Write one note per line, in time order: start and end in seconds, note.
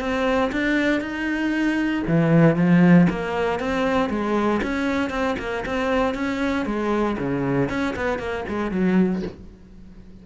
0.00 0.51 C4
0.52 1.01 D4
1.01 2.03 D#4
2.07 2.56 E3
2.56 3.07 F3
3.10 3.60 A#3
3.60 4.10 C4
4.10 4.61 G#3
4.63 5.10 C#4
5.10 5.36 C4
5.39 5.65 A#3
5.66 6.14 C4
6.14 6.66 C#4
6.66 7.17 G#3
7.18 7.69 C#3
7.69 7.95 C#4
7.96 8.19 B3
8.19 8.45 A#3
8.48 8.71 G#3
8.71 9.22 F#3